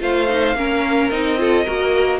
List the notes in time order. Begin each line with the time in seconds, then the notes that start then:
0.00 A3 F4 C5 F5
0.28 D#4
0.55 A#3 C#4 A#4
1.10 C4 D#4 D#5
1.37 F4 A4
1.64 A#3 F#4 A#4